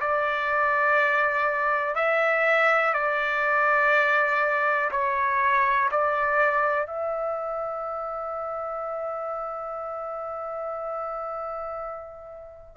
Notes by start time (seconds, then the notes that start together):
0.00 D5
1.95 E5
2.93 D5
4.91 C#5
5.91 D5
6.87 E5